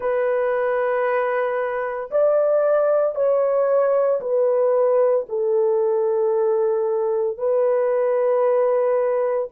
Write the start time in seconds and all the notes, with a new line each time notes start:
0.00 B4
2.11 D5
3.15 C#5
4.21 B4
5.29 A4
7.37 B4